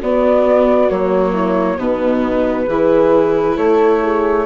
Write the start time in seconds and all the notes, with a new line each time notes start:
0.00 B3 F#4 D5
0.89 F#3 A#3 C#5
1.32 E4
1.78 B2 B3 D#4 B4
2.67 E3 E4 G#4
3.56 A3 A4 C#5
4.02 G#4